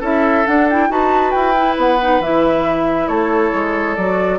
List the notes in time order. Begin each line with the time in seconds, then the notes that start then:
0.00 C#4 E4 A4 E5
0.45 D4 F#5
0.70 E4 G5
0.89 D#4 F#4 B4 A5
1.31 E4 G5
1.55 E4
1.77 B3 F#5
2.00 D#4
2.19 E3 E4 E5
3.08 A3 A4 C#5
3.53 G#3
3.95 F#3 F#4 D5